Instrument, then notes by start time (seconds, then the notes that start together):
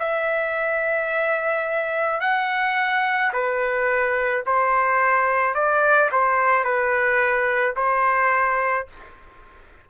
trumpet
0.00 E5
2.21 F#5
3.33 B4
4.46 C5
5.55 D5
6.12 C5
6.65 B4
7.77 C5